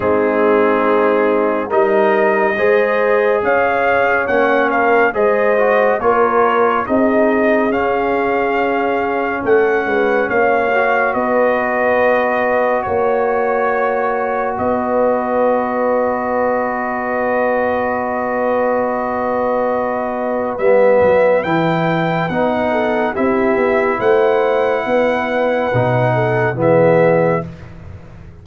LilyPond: <<
  \new Staff \with { instrumentName = "trumpet" } { \time 4/4 \tempo 4 = 70 gis'2 dis''2 | f''4 fis''8 f''8 dis''4 cis''4 | dis''4 f''2 fis''4 | f''4 dis''2 cis''4~ |
cis''4 dis''2.~ | dis''1 | e''4 g''4 fis''4 e''4 | fis''2. e''4 | }
  \new Staff \with { instrumentName = "horn" } { \time 4/4 dis'2 ais'4 c''4 | cis''4. ais'8 c''4 ais'4 | gis'2. a'8 b'8 | cis''4 b'2 cis''4~ |
cis''4 b'2.~ | b'1~ | b'2~ b'8 a'8 g'4 | c''4 b'4. a'8 gis'4 | }
  \new Staff \with { instrumentName = "trombone" } { \time 4/4 c'2 dis'4 gis'4~ | gis'4 cis'4 gis'8 fis'8 f'4 | dis'4 cis'2.~ | cis'8 fis'2.~ fis'8~ |
fis'1~ | fis'1 | b4 e'4 dis'4 e'4~ | e'2 dis'4 b4 | }
  \new Staff \with { instrumentName = "tuba" } { \time 4/4 gis2 g4 gis4 | cis'4 ais4 gis4 ais4 | c'4 cis'2 a8 gis8 | ais4 b2 ais4~ |
ais4 b2.~ | b1 | g8 fis8 e4 b4 c'8 b8 | a4 b4 b,4 e4 | }
>>